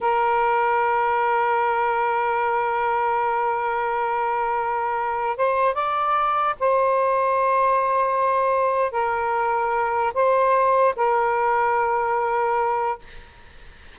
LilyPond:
\new Staff \with { instrumentName = "saxophone" } { \time 4/4 \tempo 4 = 148 ais'1~ | ais'1~ | ais'1~ | ais'4~ ais'16 c''4 d''4.~ d''16~ |
d''16 c''2.~ c''8.~ | c''2 ais'2~ | ais'4 c''2 ais'4~ | ais'1 | }